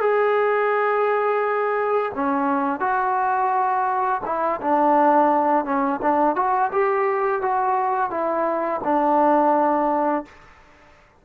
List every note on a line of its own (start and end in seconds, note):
0.00 2.12 G#4
2.15 2.80 C#4
2.80 4.21 F#4
4.25 4.60 E4
4.61 5.65 D4
5.65 6.00 C#4
6.02 6.36 D4
6.36 6.71 F#4
6.72 7.41 G4
7.41 8.10 F#4
8.10 8.81 E4
8.84 10.25 D4